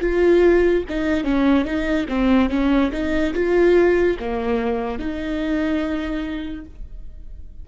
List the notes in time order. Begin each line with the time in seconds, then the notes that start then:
0.00 F4
0.88 D#4
1.23 C#4
1.64 D#4
2.08 C4
2.49 C#4
2.92 D#4
3.33 F4
4.19 A#3
4.98 D#4